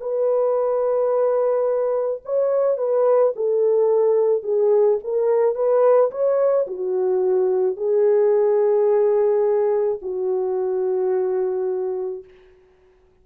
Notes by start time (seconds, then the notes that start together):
0.00 B4
2.25 C#5
2.77 B4
3.35 A4
4.42 G#4
5.04 A#4
5.55 B4
6.11 C#5
6.67 F#4
7.76 G#4
10.02 F#4